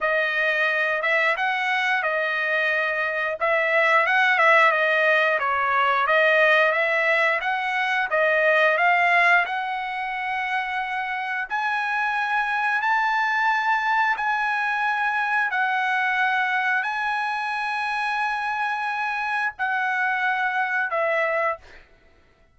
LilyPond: \new Staff \with { instrumentName = "trumpet" } { \time 4/4 \tempo 4 = 89 dis''4. e''8 fis''4 dis''4~ | dis''4 e''4 fis''8 e''8 dis''4 | cis''4 dis''4 e''4 fis''4 | dis''4 f''4 fis''2~ |
fis''4 gis''2 a''4~ | a''4 gis''2 fis''4~ | fis''4 gis''2.~ | gis''4 fis''2 e''4 | }